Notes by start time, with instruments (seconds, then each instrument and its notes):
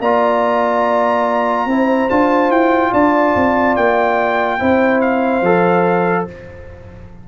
0.00 tuba A#3, trombone F4, horn D5, trumpet A#5
1.66 tuba C4, trombone E4, horn C5
2.10 tuba D4, trombone F4, trumpet A5
2.50 tuba E4, trumpet G5
2.92 tuba D4, horn D5, trumpet A5
3.36 tuba C4
3.76 tuba A#3, trumpet G5
4.59 tuba C4, trombone E4, horn C5
5.01 trumpet F5
5.42 tuba F3, trombone A4